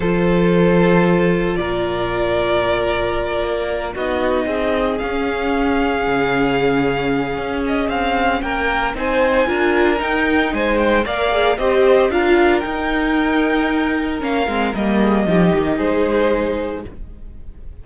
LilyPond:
<<
  \new Staff \with { instrumentName = "violin" } { \time 4/4 \tempo 4 = 114 c''2. d''4~ | d''2.~ d''8 dis''8~ | dis''4. f''2~ f''8~ | f''2~ f''8 dis''8 f''4 |
g''4 gis''2 g''4 | gis''8 g''8 f''4 dis''4 f''4 | g''2. f''4 | dis''2 c''2 | }
  \new Staff \with { instrumentName = "violin" } { \time 4/4 a'2. ais'4~ | ais'2.~ ais'8 fis'8~ | fis'8 gis'2.~ gis'8~ | gis'1 |
ais'4 c''4 ais'2 | c''4 d''4 c''4 ais'4~ | ais'1~ | ais'8 gis'8 g'4 gis'2 | }
  \new Staff \with { instrumentName = "viola" } { \time 4/4 f'1~ | f'2.~ f'8 dis'8~ | dis'4. cis'2~ cis'8~ | cis'1~ |
cis'4 dis'4 f'4 dis'4~ | dis'4 ais'8 gis'8 g'4 f'4 | dis'2. cis'8 c'8 | ais4 dis'2. | }
  \new Staff \with { instrumentName = "cello" } { \time 4/4 f2. ais,4~ | ais,2~ ais,8 ais4 b8~ | b8 c'4 cis'2 cis8~ | cis2 cis'4 c'4 |
ais4 c'4 d'4 dis'4 | gis4 ais4 c'4 d'4 | dis'2. ais8 gis8 | g4 f8 dis8 gis2 | }
>>